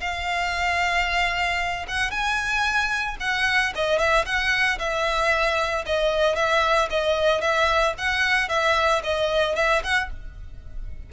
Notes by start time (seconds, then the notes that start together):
0.00 F5
1.88 F#5
2.10 G#5
3.20 F#5
3.75 D#5
3.98 E5
4.25 F#5
4.78 E5
5.86 D#5
6.35 E5
6.90 D#5
7.41 E5
7.97 F#5
8.48 E5
9.03 D#5
9.55 E5
9.83 F#5